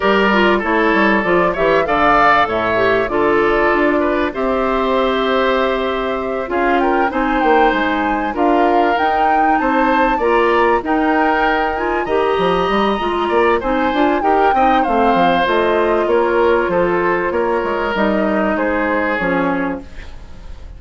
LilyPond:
<<
  \new Staff \with { instrumentName = "flute" } { \time 4/4 \tempo 4 = 97 d''4 cis''4 d''8 e''8 f''4 | e''4 d''2 e''4~ | e''2~ e''8 f''8 g''8 gis''8 | g''8 gis''4 f''4 g''4 a''8~ |
a''8 ais''4 g''4. gis''8 ais''8~ | ais''2 gis''4 g''4 | f''4 dis''4 cis''4 c''4 | cis''4 dis''4 c''4 cis''4 | }
  \new Staff \with { instrumentName = "oboe" } { \time 4/4 ais'4 a'4. cis''8 d''4 | cis''4 a'4. b'8 c''4~ | c''2~ c''8 gis'8 ais'8 c''8~ | c''4. ais'2 c''8~ |
c''8 d''4 ais'2 dis''8~ | dis''4. d''8 c''4 ais'8 dis''8 | c''2 ais'4 a'4 | ais'2 gis'2 | }
  \new Staff \with { instrumentName = "clarinet" } { \time 4/4 g'8 f'8 e'4 f'8 g'8 a'4~ | a'8 g'8 f'2 g'4~ | g'2~ g'8 f'4 dis'8~ | dis'4. f'4 dis'4.~ |
dis'8 f'4 dis'4. f'8 g'8~ | g'4 f'4 dis'8 f'8 g'8 dis'8 | c'4 f'2.~ | f'4 dis'2 cis'4 | }
  \new Staff \with { instrumentName = "bassoon" } { \time 4/4 g4 a8 g8 f8 e8 d4 | a,4 d4 d'4 c'4~ | c'2~ c'8 cis'4 c'8 | ais8 gis4 d'4 dis'4 c'8~ |
c'8 ais4 dis'2 dis8 | f8 g8 gis8 ais8 c'8 d'8 dis'8 c'8 | a8 f8 a4 ais4 f4 | ais8 gis8 g4 gis4 f4 | }
>>